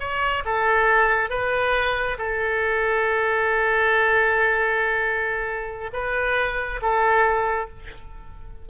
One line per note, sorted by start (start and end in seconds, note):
0.00 0.44 C#5
0.45 1.30 A4
1.30 2.18 B4
2.18 5.91 A4
5.93 6.81 B4
6.82 7.69 A4